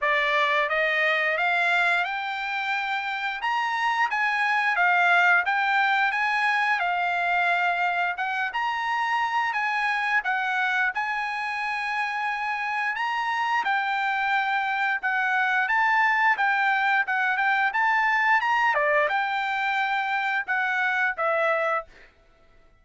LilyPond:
\new Staff \with { instrumentName = "trumpet" } { \time 4/4 \tempo 4 = 88 d''4 dis''4 f''4 g''4~ | g''4 ais''4 gis''4 f''4 | g''4 gis''4 f''2 | fis''8 ais''4. gis''4 fis''4 |
gis''2. ais''4 | g''2 fis''4 a''4 | g''4 fis''8 g''8 a''4 ais''8 d''8 | g''2 fis''4 e''4 | }